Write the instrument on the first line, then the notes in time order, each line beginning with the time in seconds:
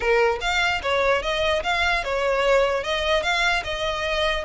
violin
0.00 A#4
0.41 F5
0.82 C#5
1.22 D#5
1.63 F5
2.04 C#5
2.83 D#5
3.22 F5
3.63 D#5